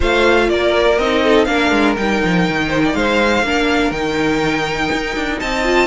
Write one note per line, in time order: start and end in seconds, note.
0.00 0.49 A3
0.00 0.96 F4
0.00 0.48 C5
0.00 0.49 F5
0.49 0.98 A#3
0.49 1.23 A#4
0.49 0.98 D5
0.98 1.47 C4
0.98 1.47 D#4
0.98 1.44 D#5
1.23 1.48 A4
1.44 1.71 A#3
1.44 1.96 D4
1.44 2.68 A#4
1.44 1.94 F5
1.71 1.95 G#3
1.97 2.22 G3
1.97 3.44 D#4
1.97 2.94 G5
2.24 2.48 F3
2.48 2.94 D#3
2.68 2.81 C5
2.84 2.96 D5
2.94 3.42 G#3
2.94 3.45 C5
2.94 3.91 F5
3.42 3.90 A#3
3.42 3.94 D4
3.42 5.39 A#4
3.90 4.89 D#3
3.90 5.64 D#4
3.90 5.39 G5
4.92 5.16 D#4
5.16 5.40 D4
5.39 5.87 C4
5.39 5.87 D#5
5.39 5.87 A5
5.64 5.87 F4